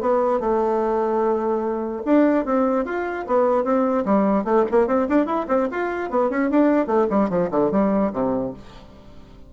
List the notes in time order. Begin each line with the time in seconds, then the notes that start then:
0.00 B3
0.40 A3
2.05 D4
2.45 C4
2.85 F4
3.26 B3
3.64 C4
4.05 G3
4.44 A3
4.71 A#3
4.87 C4
5.09 D4
5.26 E4
5.48 C4
5.71 F4
6.10 B3
6.30 C#4
6.50 D4
6.87 A3
7.10 G3
7.29 F3
7.51 D3
7.71 G3
8.12 C3